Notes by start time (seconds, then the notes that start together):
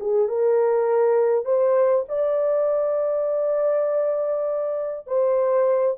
0.00 G#4
0.28 A#4
1.45 C5
2.09 D5
5.07 C5